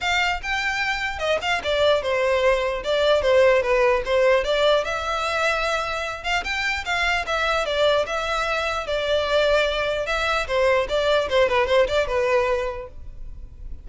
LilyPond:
\new Staff \with { instrumentName = "violin" } { \time 4/4 \tempo 4 = 149 f''4 g''2 dis''8 f''8 | d''4 c''2 d''4 | c''4 b'4 c''4 d''4 | e''2.~ e''8 f''8 |
g''4 f''4 e''4 d''4 | e''2 d''2~ | d''4 e''4 c''4 d''4 | c''8 b'8 c''8 d''8 b'2 | }